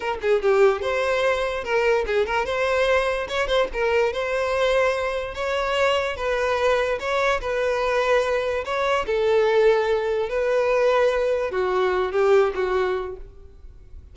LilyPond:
\new Staff \with { instrumentName = "violin" } { \time 4/4 \tempo 4 = 146 ais'8 gis'8 g'4 c''2 | ais'4 gis'8 ais'8 c''2 | cis''8 c''8 ais'4 c''2~ | c''4 cis''2 b'4~ |
b'4 cis''4 b'2~ | b'4 cis''4 a'2~ | a'4 b'2. | fis'4. g'4 fis'4. | }